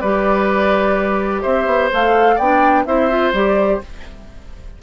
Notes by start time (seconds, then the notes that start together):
0.00 G3 G4 B4 D5
1.42 C4 C5 E5
1.66 B3
1.92 A3 A4 F5
2.35 B3 D5 G5
2.43 D4
2.86 C4 E4 C5 E5
3.10 F4
3.33 G3 G4 D5